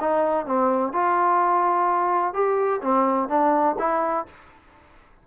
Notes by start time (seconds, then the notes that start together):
0.00 D#4
0.46 C4
0.92 F4
2.33 G4
2.82 C4
3.29 D4
3.78 E4